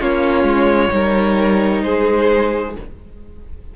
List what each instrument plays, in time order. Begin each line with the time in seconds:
0.00 cello A#3, viola C#4, violin F4 C#5
0.43 cello G#3
0.89 cello G3, viola D#4, violin A#4
1.82 cello G#3, violin G#4 C5